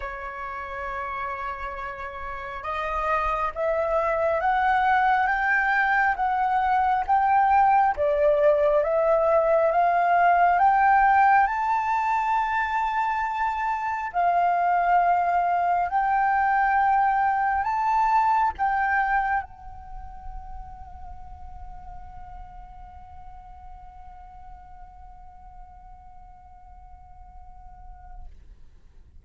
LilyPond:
\new Staff \with { instrumentName = "flute" } { \time 4/4 \tempo 4 = 68 cis''2. dis''4 | e''4 fis''4 g''4 fis''4 | g''4 d''4 e''4 f''4 | g''4 a''2. |
f''2 g''2 | a''4 g''4 fis''2~ | fis''1~ | fis''1 | }